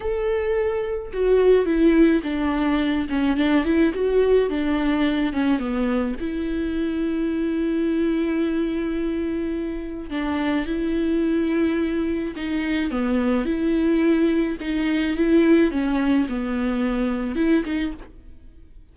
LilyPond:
\new Staff \with { instrumentName = "viola" } { \time 4/4 \tempo 4 = 107 a'2 fis'4 e'4 | d'4. cis'8 d'8 e'8 fis'4 | d'4. cis'8 b4 e'4~ | e'1~ |
e'2 d'4 e'4~ | e'2 dis'4 b4 | e'2 dis'4 e'4 | cis'4 b2 e'8 dis'8 | }